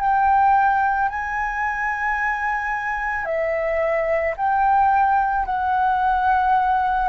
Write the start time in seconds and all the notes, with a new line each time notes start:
0.00 G5
1.09 G#5
3.25 E5
4.37 G5
5.46 F#5